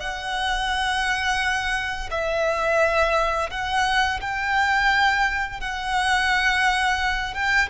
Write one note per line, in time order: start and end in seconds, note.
0.00 2.09 F#5
2.11 3.50 E5
3.50 4.20 F#5
4.21 5.60 G5
5.60 7.34 F#5
7.34 7.69 G5